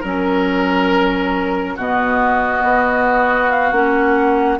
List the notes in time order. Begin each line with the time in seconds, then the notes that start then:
0.00 F#3 C#4 A#4
1.76 B2 B3 F#4 D#5
2.63 B3
3.51 F5
3.72 A#3 C#4 F#5